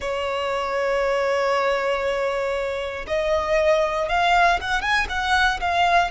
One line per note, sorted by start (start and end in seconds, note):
0.00 3.05 C#5
3.07 4.09 D#5
4.09 4.59 F5
4.60 4.81 F#5
4.81 5.07 G#5
5.08 5.59 F#5
5.60 6.11 F5